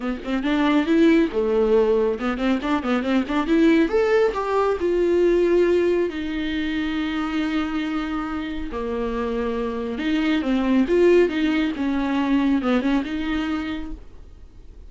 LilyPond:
\new Staff \with { instrumentName = "viola" } { \time 4/4 \tempo 4 = 138 b8 c'8 d'4 e'4 a4~ | a4 b8 c'8 d'8 b8 c'8 d'8 | e'4 a'4 g'4 f'4~ | f'2 dis'2~ |
dis'1 | ais2. dis'4 | c'4 f'4 dis'4 cis'4~ | cis'4 b8 cis'8 dis'2 | }